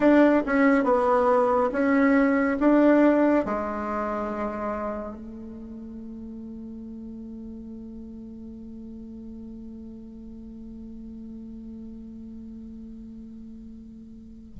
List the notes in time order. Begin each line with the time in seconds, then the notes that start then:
0.00 D4
0.46 C#4
0.84 B3
1.71 C#4
2.59 D4
3.45 G#3
5.15 A3